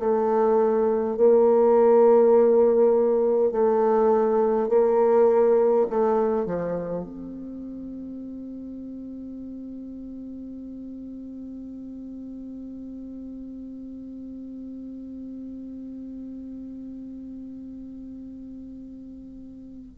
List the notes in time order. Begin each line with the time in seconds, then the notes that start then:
0.00 A3
1.17 A#3
3.52 A3
4.69 A#3
5.90 A3
6.46 F3
7.05 C4